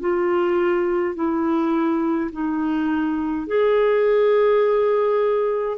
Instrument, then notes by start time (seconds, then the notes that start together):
clarinet
0.00 F4
1.15 E4
2.32 D#4
3.47 G#4